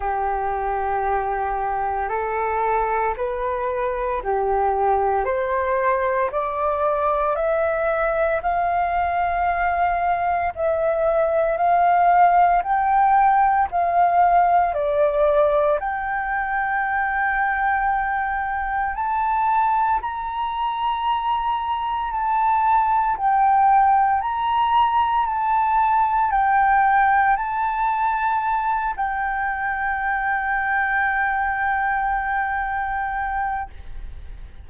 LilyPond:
\new Staff \with { instrumentName = "flute" } { \time 4/4 \tempo 4 = 57 g'2 a'4 b'4 | g'4 c''4 d''4 e''4 | f''2 e''4 f''4 | g''4 f''4 d''4 g''4~ |
g''2 a''4 ais''4~ | ais''4 a''4 g''4 ais''4 | a''4 g''4 a''4. g''8~ | g''1 | }